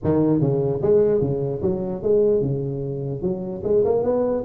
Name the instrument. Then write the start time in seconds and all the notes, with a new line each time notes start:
tuba
0.04 D#3
0.40 C#3
0.82 G#3
1.20 C#3
1.62 F#3
2.02 G#3
2.41 C#3
3.22 F#3
3.63 G#3
3.84 A#3
4.03 B3